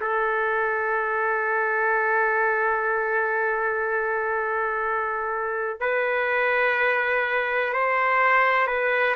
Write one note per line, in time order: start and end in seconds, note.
0.00 5.80 A4
5.80 7.73 B4
7.73 8.67 C5
8.67 9.15 B4